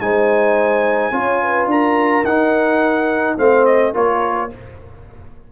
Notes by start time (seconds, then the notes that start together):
0.00 G#3 D#4 C5 G#5
1.11 C#4 F4 C#5
1.43 B4
1.66 D4 A#4 A#5
2.24 D#4 F#5
3.37 A3 C4 C5 F5
3.65 D#5
3.93 A#3 F4 A#4 C#5